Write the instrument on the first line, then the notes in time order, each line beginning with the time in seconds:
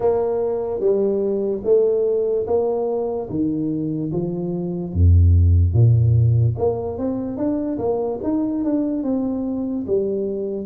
tuba
0.00 A#3
0.80 G3
1.64 A3
2.47 A#3
3.29 D#3
4.12 F3
4.93 F2
5.73 A#2
6.58 A#3
6.98 C4
7.37 D4
7.78 A#3
8.23 D#4
8.64 D4
9.03 C4
9.86 G3